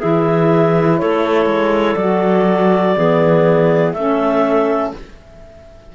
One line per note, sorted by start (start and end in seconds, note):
0.00 1.02 E3
0.00 1.97 E4
0.00 0.98 G#4
0.00 0.99 E5
0.99 1.46 A3
0.99 2.97 A4
0.99 1.96 C#5
1.46 1.95 G#3
1.96 2.96 F#3
1.96 2.96 F#4
1.96 3.93 D5
2.96 3.94 E3
2.96 3.95 B3
2.96 3.95 G#4
3.93 4.93 A3
3.93 4.95 C#4
3.93 4.95 A4
3.93 4.91 E5